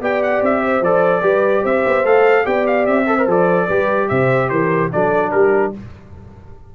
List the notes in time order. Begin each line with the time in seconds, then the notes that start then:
0.00 B3 G4 D5 G5
0.23 F#5
0.42 C4 E5
0.65 C5
0.81 F3 A4 D5
1.22 G3 G4 B4
1.63 C4 C5 E5
1.86 B3
2.04 A3 A4 F5
2.45 B3 G4 D5 G5
2.67 F5
2.86 C4 E5
3.07 A4 C5
3.19 A#4
3.27 F3 A4 D5
3.67 G3 G4 B4
4.09 C3 C5 E5
4.49 E3 A#4 C5
4.92 F#3 D4 A4 D5
5.31 G3 G4 A#4